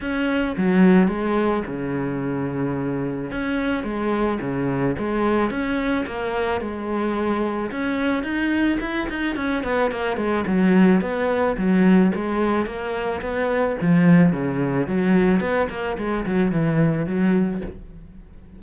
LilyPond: \new Staff \with { instrumentName = "cello" } { \time 4/4 \tempo 4 = 109 cis'4 fis4 gis4 cis4~ | cis2 cis'4 gis4 | cis4 gis4 cis'4 ais4 | gis2 cis'4 dis'4 |
e'8 dis'8 cis'8 b8 ais8 gis8 fis4 | b4 fis4 gis4 ais4 | b4 f4 cis4 fis4 | b8 ais8 gis8 fis8 e4 fis4 | }